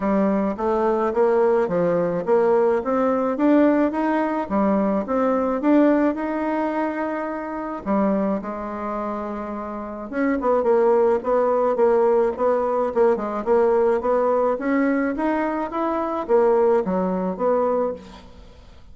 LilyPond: \new Staff \with { instrumentName = "bassoon" } { \time 4/4 \tempo 4 = 107 g4 a4 ais4 f4 | ais4 c'4 d'4 dis'4 | g4 c'4 d'4 dis'4~ | dis'2 g4 gis4~ |
gis2 cis'8 b8 ais4 | b4 ais4 b4 ais8 gis8 | ais4 b4 cis'4 dis'4 | e'4 ais4 fis4 b4 | }